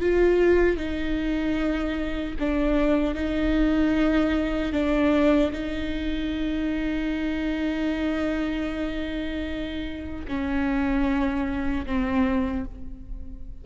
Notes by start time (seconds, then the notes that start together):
0.00 F4
0.76 D#4
2.39 D4
3.14 D#4
4.72 D4
5.52 D#4
10.27 C#4
11.86 C4